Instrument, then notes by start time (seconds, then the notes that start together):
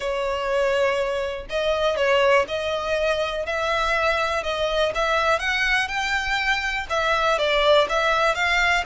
violin
0.00 C#5
1.49 D#5
1.96 C#5
2.47 D#5
3.46 E5
4.43 D#5
4.94 E5
5.39 F#5
5.87 G5
6.89 E5
7.38 D5
7.89 E5
8.35 F5